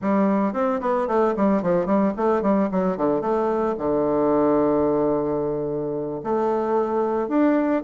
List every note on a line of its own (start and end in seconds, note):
0.01 0.53 G3
0.53 0.80 C4
0.81 1.07 B3
1.07 1.34 A3
1.36 1.62 G3
1.62 1.86 F3
1.86 2.13 G3
2.16 2.42 A3
2.42 2.69 G3
2.71 2.97 F#3
2.97 3.21 D3
3.21 3.75 A3
3.78 6.21 D3
6.23 7.28 A3
7.28 7.82 D4